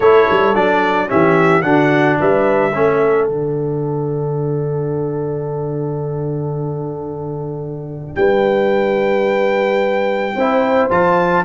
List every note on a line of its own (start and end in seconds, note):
0.00 0.27 A3
0.00 0.54 E4
0.00 1.09 A4
0.00 0.54 C#5
0.30 0.55 G3
0.54 1.09 F#3
0.54 1.08 D4
0.54 1.09 D5
1.08 1.63 E3
1.08 1.62 C#4
1.08 1.63 G4
1.08 1.62 E5
1.62 2.17 D3
1.62 2.71 D4
1.62 2.18 F#4
1.62 2.16 F#5
2.19 2.74 G3
2.19 2.72 B4
2.19 3.28 E5
2.72 3.28 A3
2.72 3.28 C#4
2.72 8.17 A4
3.28 8.16 D3
3.28 10.37 D4
3.28 8.15 F#5
8.15 10.34 G3
8.15 10.36 B4
8.15 10.88 G5
10.35 10.89 C4
10.35 10.90 E4
10.35 11.45 C5
10.90 11.45 F3
10.90 11.44 F4
10.90 11.45 A5